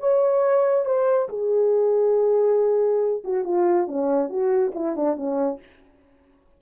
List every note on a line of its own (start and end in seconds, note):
0.00 0.86 C#5
0.86 1.29 C5
1.29 3.23 G#4
3.24 3.45 F#4
3.45 3.88 F4
3.88 4.29 C#4
4.29 4.73 F#4
4.75 4.96 E4
4.97 5.17 D4
5.17 5.60 C#4